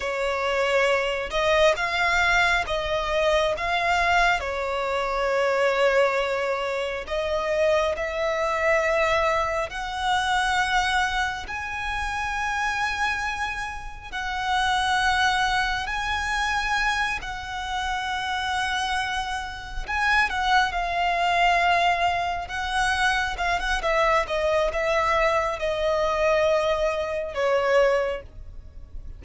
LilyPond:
\new Staff \with { instrumentName = "violin" } { \time 4/4 \tempo 4 = 68 cis''4. dis''8 f''4 dis''4 | f''4 cis''2. | dis''4 e''2 fis''4~ | fis''4 gis''2. |
fis''2 gis''4. fis''8~ | fis''2~ fis''8 gis''8 fis''8 f''8~ | f''4. fis''4 f''16 fis''16 e''8 dis''8 | e''4 dis''2 cis''4 | }